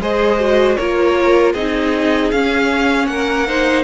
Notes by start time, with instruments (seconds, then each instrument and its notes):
0.00 cello G#3, viola G#4, violin C5 D#5
0.39 viola F#4
0.76 cello A#3, viola F4, violin A#4 C#5
1.53 cello C4, viola D#4, violin G#4 D#5
2.31 cello C#4, viola C#4, violin F5
3.06 cello A#3, violin A#4 F#5
3.47 viola D#4, violin C5